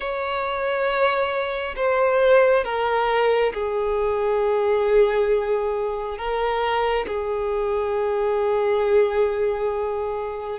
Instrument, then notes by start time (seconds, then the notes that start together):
violin
0.00 C#5
1.76 C5
2.64 A#4
3.53 G#4
6.18 A#4
7.07 G#4